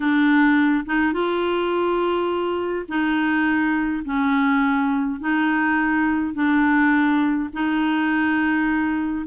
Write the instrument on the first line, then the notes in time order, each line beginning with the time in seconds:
clarinet
0.00 D4
0.85 D#4
1.12 F4
2.88 D#4
4.04 C#4
5.20 D#4
6.34 D4
7.53 D#4